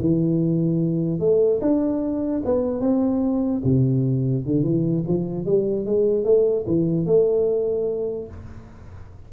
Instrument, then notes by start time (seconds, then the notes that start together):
tuba
0.00 E3
1.20 A3
1.61 D4
2.45 B3
2.81 C4
3.64 C3
4.45 D3
4.63 E3
5.08 F3
5.46 G3
5.86 G#3
6.25 A3
6.67 E3
7.06 A3